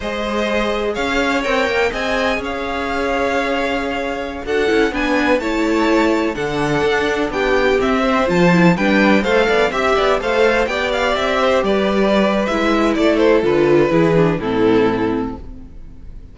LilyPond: <<
  \new Staff \with { instrumentName = "violin" } { \time 4/4 \tempo 4 = 125 dis''2 f''4 g''4 | gis''4 f''2.~ | f''4~ f''16 fis''4 gis''4 a''8.~ | a''4~ a''16 fis''2 g''8.~ |
g''16 e''4 a''4 g''4 f''8.~ | f''16 e''4 f''4 g''8 f''8 e''8.~ | e''16 d''4.~ d''16 e''4 d''8 c''8 | b'2 a'2 | }
  \new Staff \with { instrumentName = "violin" } { \time 4/4 c''2 cis''2 | dis''4 cis''2.~ | cis''4~ cis''16 a'4 b'4 cis''8.~ | cis''4~ cis''16 a'2 g'8.~ |
g'8. c''4. b'4 c''8 d''16~ | d''16 e''8 d''8 c''4 d''4. c''16~ | c''16 b'2~ b'8. a'4~ | a'4 gis'4 e'2 | }
  \new Staff \with { instrumentName = "viola" } { \time 4/4 gis'2. ais'4 | gis'1~ | gis'4~ gis'16 fis'8 e'8 d'4 e'8.~ | e'4~ e'16 d'2~ d'8.~ |
d'16 c'4 f'8 e'8 d'4 a'8.~ | a'16 g'4 a'4 g'4.~ g'16~ | g'2 e'2 | f'4 e'8 d'8 c'2 | }
  \new Staff \with { instrumentName = "cello" } { \time 4/4 gis2 cis'4 c'8 ais8 | c'4 cis'2.~ | cis'4~ cis'16 d'8 cis'8 b4 a8.~ | a4~ a16 d4 d'4 b8.~ |
b16 c'4 f4 g4 a8 b16~ | b16 c'8 b8 a4 b4 c'8.~ | c'16 g4.~ g16 gis4 a4 | d4 e4 a,2 | }
>>